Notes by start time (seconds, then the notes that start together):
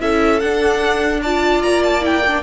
0.00 C#4 E4 A4 E5
0.40 D4 F#5
1.22 F4 D5 A5
1.63 A#3 A#5
1.84 A5
2.02 E4 G5
2.28 D4